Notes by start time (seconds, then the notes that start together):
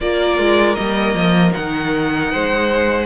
0.00 A#3 F4 A#4 D5
0.37 G#3
0.75 G3 A#3 D#5
1.14 F3
1.51 D#3 D#4 F#5
2.31 G#3 C5